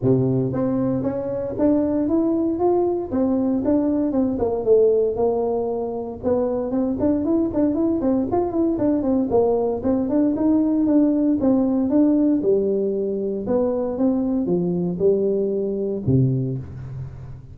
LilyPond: \new Staff \with { instrumentName = "tuba" } { \time 4/4 \tempo 4 = 116 c4 c'4 cis'4 d'4 | e'4 f'4 c'4 d'4 | c'8 ais8 a4 ais2 | b4 c'8 d'8 e'8 d'8 e'8 c'8 |
f'8 e'8 d'8 c'8 ais4 c'8 d'8 | dis'4 d'4 c'4 d'4 | g2 b4 c'4 | f4 g2 c4 | }